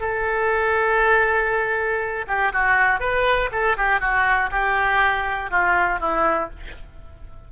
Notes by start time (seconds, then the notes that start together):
0.00 A4
2.27 G4
2.52 F#4
2.99 B4
3.51 A4
3.77 G4
4.00 F#4
4.51 G4
5.50 F4
6.00 E4